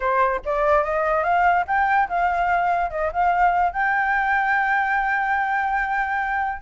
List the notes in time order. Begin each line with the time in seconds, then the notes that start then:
0.00 C5
0.45 D5
0.84 D#5
1.23 F5
1.67 G5
2.08 F5
2.90 D#5
3.12 F5
3.72 G5